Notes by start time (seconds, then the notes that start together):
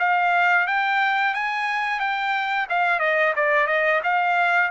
0.00 F5
0.67 G5
1.35 G#5
2.00 G5
2.70 F5
3.00 D#5
3.36 D5
3.67 D#5
4.04 F5